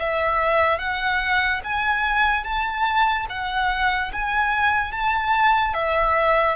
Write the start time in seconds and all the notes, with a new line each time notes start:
0.00 E5
0.79 F#5
1.64 G#5
2.44 A5
3.30 F#5
4.13 G#5
4.92 A5
5.74 E5